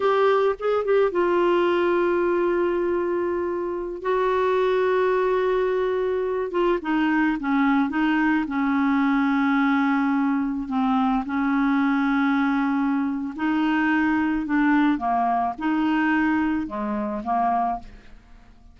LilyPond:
\new Staff \with { instrumentName = "clarinet" } { \time 4/4 \tempo 4 = 108 g'4 gis'8 g'8 f'2~ | f'2.~ f'16 fis'8.~ | fis'2.~ fis'8. f'16~ | f'16 dis'4 cis'4 dis'4 cis'8.~ |
cis'2.~ cis'16 c'8.~ | c'16 cis'2.~ cis'8. | dis'2 d'4 ais4 | dis'2 gis4 ais4 | }